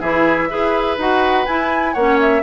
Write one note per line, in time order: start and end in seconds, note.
0.00 0.49 E3
0.00 0.49 E4
0.00 0.48 G#4
0.00 0.97 E5
0.49 0.97 E4
0.49 0.98 G#4
0.49 1.93 B4
0.97 1.46 D#4
0.97 1.47 F#4
0.97 1.45 F#5
1.45 1.96 E4
1.45 1.95 E4
1.45 1.93 G#5
1.93 2.42 A#3
1.93 2.42 C#4
1.93 2.42 C#5
1.93 2.17 F#5
2.20 2.42 E5